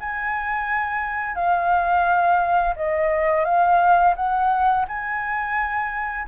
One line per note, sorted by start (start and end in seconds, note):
0.00 1.35 G#5
1.35 2.75 F5
2.76 3.45 D#5
3.45 4.14 F5
4.16 4.86 F#5
4.88 6.28 G#5